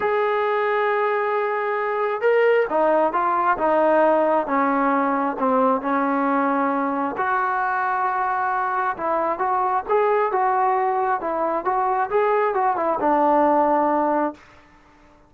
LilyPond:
\new Staff \with { instrumentName = "trombone" } { \time 4/4 \tempo 4 = 134 gis'1~ | gis'4 ais'4 dis'4 f'4 | dis'2 cis'2 | c'4 cis'2. |
fis'1 | e'4 fis'4 gis'4 fis'4~ | fis'4 e'4 fis'4 gis'4 | fis'8 e'8 d'2. | }